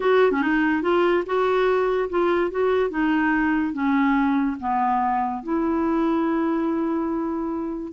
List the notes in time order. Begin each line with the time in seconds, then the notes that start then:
0.00 F#4
0.31 C#4
0.41 D#4
0.82 F4
1.25 F#4
2.09 F4
2.50 F#4
2.90 D#4
3.73 C#4
4.59 B3
5.43 E4